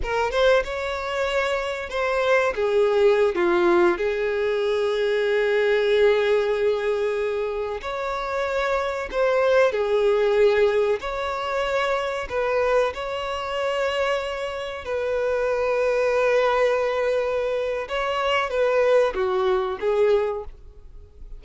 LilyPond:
\new Staff \with { instrumentName = "violin" } { \time 4/4 \tempo 4 = 94 ais'8 c''8 cis''2 c''4 | gis'4~ gis'16 f'4 gis'4.~ gis'16~ | gis'1~ | gis'16 cis''2 c''4 gis'8.~ |
gis'4~ gis'16 cis''2 b'8.~ | b'16 cis''2. b'8.~ | b'1 | cis''4 b'4 fis'4 gis'4 | }